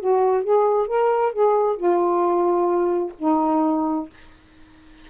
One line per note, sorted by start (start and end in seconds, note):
0.00 0.44 F#4
0.44 0.88 G#4
0.88 1.33 A#4
1.33 1.77 G#4
1.77 3.13 F4
3.19 4.10 D#4